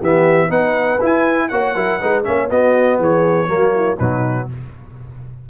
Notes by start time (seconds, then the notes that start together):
0.00 E3 B3 G4 E5
0.47 B3 D#4 B4 F#5
1.00 E4 G#5
1.49 A#3 F#4 C#5 F#5
1.75 F#3 E4 A#4
1.99 G#3 D#4 B4
2.24 A#3 C#4 C#5 E5
2.50 B3 F#4 D#5
2.98 E3 G#4 C#5
3.47 F#3 A#3 F#4
3.75 E4
3.96 B2 F#3 D#4 B4